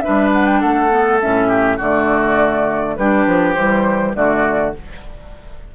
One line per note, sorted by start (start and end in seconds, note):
0.00 0.91 D4
0.00 0.61 B4
0.00 0.29 E5
0.08 0.64 G3
0.34 0.46 F#5
0.46 0.61 G5
0.61 1.22 A3
0.61 1.48 A4
0.61 1.20 F#5
0.91 1.20 B3
1.21 1.81 A2
1.21 1.80 C#4
1.21 1.80 E5
1.48 1.77 G4
1.77 2.98 D3
1.77 2.98 A3
1.77 2.95 F#4
1.77 2.96 D5
2.96 3.27 G3
2.96 3.57 D4
2.96 4.17 G4
2.96 3.55 B4
3.27 3.56 F3
3.55 4.15 E3
3.55 4.15 G3
3.55 4.13 C5
4.15 4.75 D3
4.15 4.74 A3
4.15 4.75 F#4
4.15 4.74 D5